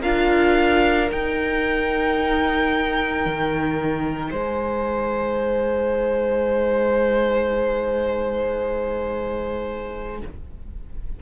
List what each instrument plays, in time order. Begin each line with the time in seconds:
0.00 cello D4, viola F4, violin A#4 F5
1.06 viola D#4, cello D#4, violin G5
3.25 cello D#3
4.30 cello G#3, violin C5 G#5